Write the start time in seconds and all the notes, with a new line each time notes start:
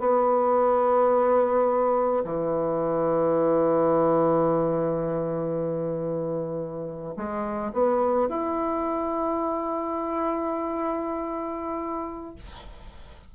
0.00 B3
2.25 E3
7.17 G#3
7.73 B3
8.29 E4